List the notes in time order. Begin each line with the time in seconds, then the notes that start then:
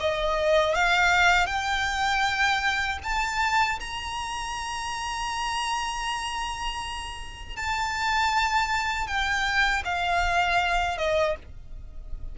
0.00 D#5
0.75 F5
1.46 G5
3.03 A5
3.80 A#5
7.57 A5
9.07 G5
9.85 F5
10.98 D#5